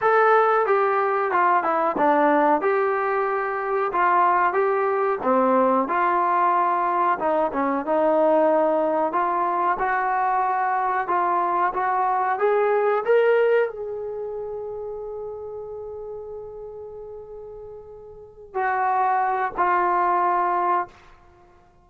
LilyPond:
\new Staff \with { instrumentName = "trombone" } { \time 4/4 \tempo 4 = 92 a'4 g'4 f'8 e'8 d'4 | g'2 f'4 g'4 | c'4 f'2 dis'8 cis'8 | dis'2 f'4 fis'4~ |
fis'4 f'4 fis'4 gis'4 | ais'4 gis'2.~ | gis'1~ | gis'8 fis'4. f'2 | }